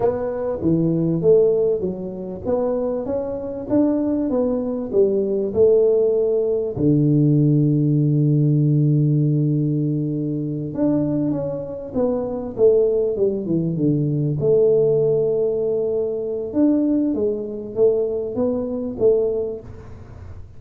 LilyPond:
\new Staff \with { instrumentName = "tuba" } { \time 4/4 \tempo 4 = 98 b4 e4 a4 fis4 | b4 cis'4 d'4 b4 | g4 a2 d4~ | d1~ |
d4. d'4 cis'4 b8~ | b8 a4 g8 e8 d4 a8~ | a2. d'4 | gis4 a4 b4 a4 | }